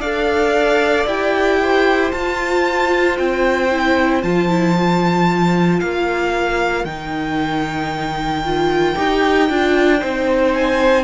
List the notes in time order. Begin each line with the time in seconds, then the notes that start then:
0.00 D4 A4 D5 F5
1.06 E4 G4 G5
1.61 C5
2.11 F4 A5
3.17 C4 G5
3.70 E4
4.23 F3 F4 A5
4.48 E4
4.78 F4
5.80 A#3 A#4 F5
6.84 D#3 D#4 G5
8.44 F4
8.95 D#4 G4
9.49 D4 F4
9.99 C4 D#4 C5
10.54 G#5